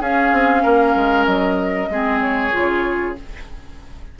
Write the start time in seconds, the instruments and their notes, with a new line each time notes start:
0.00 bassoon C#4, clarinet C#4, oboe G#4, flute F5
0.32 bassoon C4
0.63 bassoon A#3, oboe A#4
0.95 bassoon G#3
1.25 bassoon F#3, flute D#5
1.89 bassoon G#3, clarinet C4, oboe G#4
2.21 flute C#5
2.52 bassoon C#3, clarinet F4